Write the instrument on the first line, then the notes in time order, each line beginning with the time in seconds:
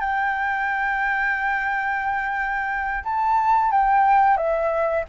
flute
0.00 G5
3.04 A5
3.71 G5
4.37 E5